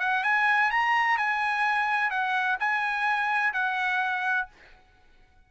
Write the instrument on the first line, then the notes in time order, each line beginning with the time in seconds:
trumpet
0.00 F#5
0.24 G#5
0.71 A#5
1.18 G#5
2.11 F#5
2.60 G#5
3.53 F#5